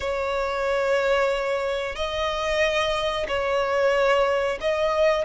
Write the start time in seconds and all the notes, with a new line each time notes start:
0.00 C#5
1.95 D#5
3.28 C#5
4.61 D#5